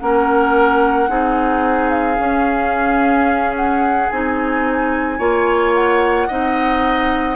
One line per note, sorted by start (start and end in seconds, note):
0.00 1.09 A#3
0.00 1.09 C#4
0.00 1.10 A#4
0.00 1.91 F#5
1.09 2.18 C4
1.09 2.18 D#4
1.09 5.19 G#4
1.91 3.54 F5
2.18 4.09 C#4
2.18 4.10 C#4
3.57 4.10 F#5
4.10 5.20 C4
4.10 5.19 D#4
4.10 5.74 G#5
5.19 6.29 A#3
5.19 6.28 F4
5.19 6.28 C#5
5.75 7.37 F#5
6.28 7.37 C4
6.28 7.37 D#4
6.28 7.37 D#5